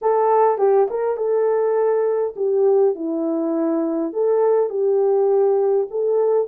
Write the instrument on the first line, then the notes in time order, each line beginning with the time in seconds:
horn
0.01 A4
0.57 G4
0.90 A#4
1.17 A4
2.36 G4
2.95 E4
4.12 A4
4.69 G4
5.90 A4